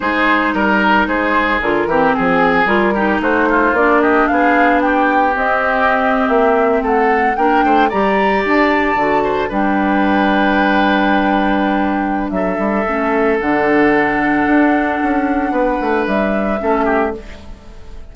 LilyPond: <<
  \new Staff \with { instrumentName = "flute" } { \time 4/4 \tempo 4 = 112 c''4 ais'4 c''4 ais'4 | gis'4 ais'4 c''4 d''8 dis''8 | f''4 g''4 dis''4.~ dis''16 e''16~ | e''8. fis''4 g''4 ais''4 a''16~ |
a''4.~ a''16 g''2~ g''16~ | g''2. e''4~ | e''4 fis''2.~ | fis''2 e''2 | }
  \new Staff \with { instrumentName = "oboe" } { \time 4/4 gis'4 ais'4 gis'4. g'8 | gis'4. g'8 fis'8 f'4 g'8 | gis'4 g'2.~ | g'8. a'4 ais'8 c''8 d''4~ d''16~ |
d''4~ d''16 c''8 b'2~ b'16~ | b'2. a'4~ | a'1~ | a'4 b'2 a'8 g'8 | }
  \new Staff \with { instrumentName = "clarinet" } { \time 4/4 dis'2. f'8 c'8~ | c'4 f'8 dis'4. d'4~ | d'2 c'2~ | c'4.~ c'16 d'4 g'4~ g'16~ |
g'8. fis'4 d'2~ d'16~ | d'1 | cis'4 d'2.~ | d'2. cis'4 | }
  \new Staff \with { instrumentName = "bassoon" } { \time 4/4 gis4 g4 gis4 d8 e8 | f4 g4 a4 ais4 | b2 c'4.~ c'16 ais16~ | ais8. a4 ais8 a8 g4 d'16~ |
d'8. d4 g2~ g16~ | g2. fis8 g8 | a4 d2 d'4 | cis'4 b8 a8 g4 a4 | }
>>